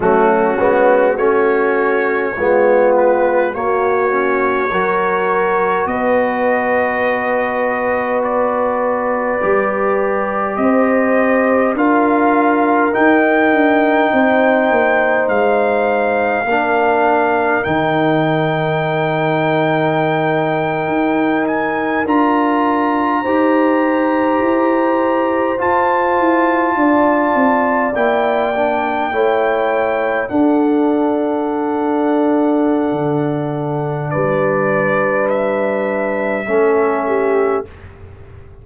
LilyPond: <<
  \new Staff \with { instrumentName = "trumpet" } { \time 4/4 \tempo 4 = 51 fis'4 cis''4. b'8 cis''4~ | cis''4 dis''2 d''4~ | d''4 dis''4 f''4 g''4~ | g''4 f''2 g''4~ |
g''2~ g''16 gis''8 ais''4~ ais''16~ | ais''4.~ ais''16 a''2 g''16~ | g''4.~ g''16 fis''2~ fis''16~ | fis''4 d''4 e''2 | }
  \new Staff \with { instrumentName = "horn" } { \time 4/4 cis'4 fis'4 f'4 fis'4 | ais'4 b'2.~ | b'4 c''4 ais'2 | c''2 ais'2~ |
ais'2.~ ais'8. c''16~ | c''2~ c''8. d''4~ d''16~ | d''8. cis''4 a'2~ a'16~ | a'4 b'2 a'8 g'8 | }
  \new Staff \with { instrumentName = "trombone" } { \time 4/4 a8 b8 cis'4 b4 ais8 cis'8 | fis'1 | g'2 f'4 dis'4~ | dis'2 d'4 dis'4~ |
dis'2~ dis'8. f'4 g'16~ | g'4.~ g'16 f'2 e'16~ | e'16 d'8 e'4 d'2~ d'16~ | d'2. cis'4 | }
  \new Staff \with { instrumentName = "tuba" } { \time 4/4 fis8 gis8 a4 gis4 ais4 | fis4 b2. | g4 c'4 d'4 dis'8 d'8 | c'8 ais8 gis4 ais4 dis4~ |
dis4.~ dis16 dis'4 d'4 dis'16~ | dis'8. e'4 f'8 e'8 d'8 c'8 ais16~ | ais8. a4 d'2~ d'16 | d4 g2 a4 | }
>>